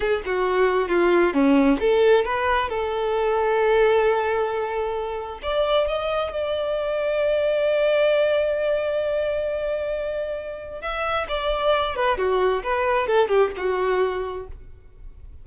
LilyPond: \new Staff \with { instrumentName = "violin" } { \time 4/4 \tempo 4 = 133 gis'8 fis'4. f'4 cis'4 | a'4 b'4 a'2~ | a'1 | d''4 dis''4 d''2~ |
d''1~ | d''1 | e''4 d''4. b'8 fis'4 | b'4 a'8 g'8 fis'2 | }